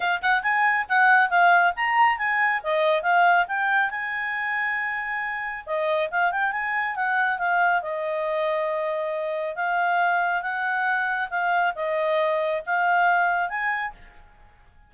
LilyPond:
\new Staff \with { instrumentName = "clarinet" } { \time 4/4 \tempo 4 = 138 f''8 fis''8 gis''4 fis''4 f''4 | ais''4 gis''4 dis''4 f''4 | g''4 gis''2.~ | gis''4 dis''4 f''8 g''8 gis''4 |
fis''4 f''4 dis''2~ | dis''2 f''2 | fis''2 f''4 dis''4~ | dis''4 f''2 gis''4 | }